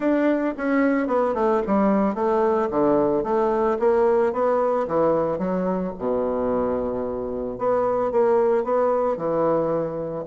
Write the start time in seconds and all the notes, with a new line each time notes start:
0.00 D4
0.57 C#4
1.07 B3
1.34 A3
1.66 G3
2.14 A3
2.70 D3
3.23 A3
3.79 A#3
4.32 B3
4.87 E3
5.38 F#3
5.98 B2
7.58 B3
8.11 A#3
8.63 B3
9.16 E3